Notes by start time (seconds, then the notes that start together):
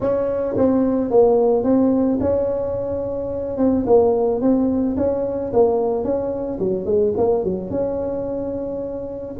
0.01 C#4
0.57 C4
1.10 A#3
1.63 C4
2.20 C#4
3.57 C4
3.86 A#3
4.41 C4
4.96 C#4
5.53 A#3
6.04 C#4
6.59 F#3
6.85 G#3
7.17 A#3
7.43 F#3
7.70 C#4